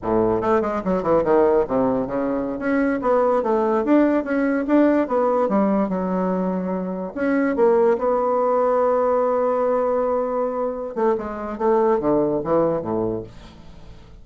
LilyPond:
\new Staff \with { instrumentName = "bassoon" } { \time 4/4 \tempo 4 = 145 a,4 a8 gis8 fis8 e8 dis4 | c4 cis4~ cis16 cis'4 b8.~ | b16 a4 d'4 cis'4 d'8.~ | d'16 b4 g4 fis4.~ fis16~ |
fis4~ fis16 cis'4 ais4 b8.~ | b1~ | b2~ b8 a8 gis4 | a4 d4 e4 a,4 | }